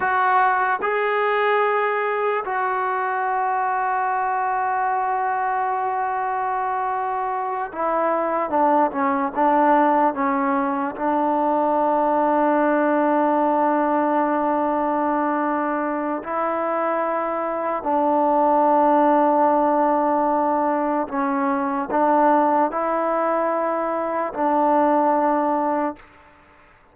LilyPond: \new Staff \with { instrumentName = "trombone" } { \time 4/4 \tempo 4 = 74 fis'4 gis'2 fis'4~ | fis'1~ | fis'4. e'4 d'8 cis'8 d'8~ | d'8 cis'4 d'2~ d'8~ |
d'1 | e'2 d'2~ | d'2 cis'4 d'4 | e'2 d'2 | }